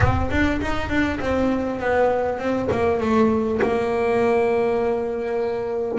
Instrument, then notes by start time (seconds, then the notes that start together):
double bass
0.00 C4
0.30 D4
0.61 D#4
0.89 D4
1.19 C4
1.80 B3
2.38 C4
2.71 A#3
3.00 A3
3.62 A#3